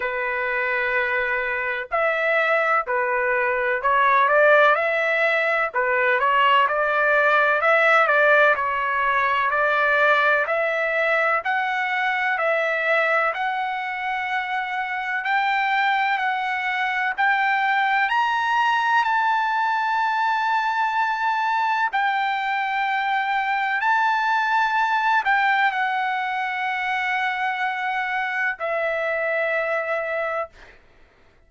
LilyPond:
\new Staff \with { instrumentName = "trumpet" } { \time 4/4 \tempo 4 = 63 b'2 e''4 b'4 | cis''8 d''8 e''4 b'8 cis''8 d''4 | e''8 d''8 cis''4 d''4 e''4 | fis''4 e''4 fis''2 |
g''4 fis''4 g''4 ais''4 | a''2. g''4~ | g''4 a''4. g''8 fis''4~ | fis''2 e''2 | }